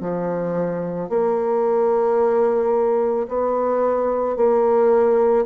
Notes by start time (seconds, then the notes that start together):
0.00 F3
1.09 A#3
3.27 B3
4.36 A#3